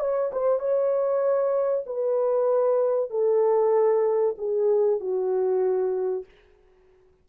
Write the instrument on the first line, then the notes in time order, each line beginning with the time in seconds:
horn
0.00 C#5
0.32 C5
0.60 C#5
1.87 B4
3.11 A4
4.38 G#4
5.01 F#4